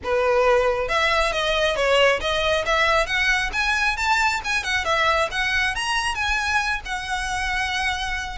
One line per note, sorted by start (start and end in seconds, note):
0.03 0.88 B4
0.88 1.32 E5
1.32 1.75 D#5
1.75 2.20 C#5
2.20 2.65 D#5
2.65 3.06 E5
3.06 3.50 F#5
3.53 3.96 G#5
3.96 4.41 A5
4.44 4.63 G#5
4.63 4.84 F#5
4.84 5.28 E5
5.31 5.75 F#5
5.75 6.14 A#5
6.14 6.80 G#5
6.85 8.37 F#5